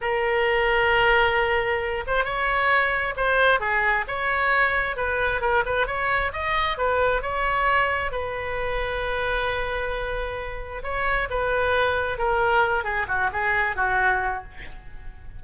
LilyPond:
\new Staff \with { instrumentName = "oboe" } { \time 4/4 \tempo 4 = 133 ais'1~ | ais'8 c''8 cis''2 c''4 | gis'4 cis''2 b'4 | ais'8 b'8 cis''4 dis''4 b'4 |
cis''2 b'2~ | b'1 | cis''4 b'2 ais'4~ | ais'8 gis'8 fis'8 gis'4 fis'4. | }